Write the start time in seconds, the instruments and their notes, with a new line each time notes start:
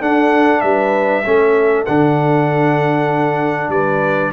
0.00 trombone D4, tuba D4, horn A4, trumpet F#5
0.61 tuba G3, horn B4, trumpet E5
1.25 tuba A3, trombone C#4, horn A4
1.85 tuba D3, trombone D4, trumpet F#5
3.69 tuba G3, horn B4, trumpet D5